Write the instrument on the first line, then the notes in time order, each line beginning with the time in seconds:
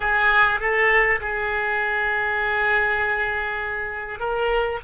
oboe
0.00 G#4
0.60 A4
1.20 G#4
4.19 A#4